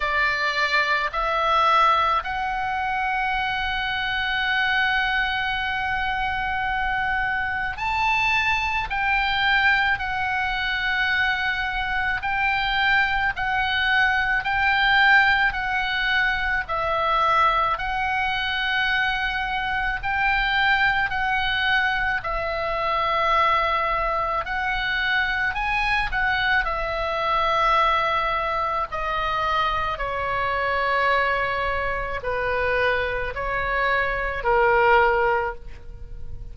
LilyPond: \new Staff \with { instrumentName = "oboe" } { \time 4/4 \tempo 4 = 54 d''4 e''4 fis''2~ | fis''2. a''4 | g''4 fis''2 g''4 | fis''4 g''4 fis''4 e''4 |
fis''2 g''4 fis''4 | e''2 fis''4 gis''8 fis''8 | e''2 dis''4 cis''4~ | cis''4 b'4 cis''4 ais'4 | }